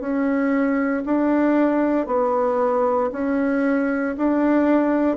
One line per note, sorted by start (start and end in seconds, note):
0.00 1.03 C#4
1.05 2.07 D4
2.07 3.10 B3
3.12 4.16 C#4
4.18 5.17 D4